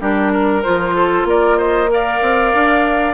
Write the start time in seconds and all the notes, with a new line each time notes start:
0.00 G3 D4 G4 A#4
0.32 A#4
0.63 F3 F4 C5
0.95 A4
1.24 A#3 A#4 D5
1.58 C5 D#5
1.88 A#4 D5 F5
2.22 C4
2.54 D4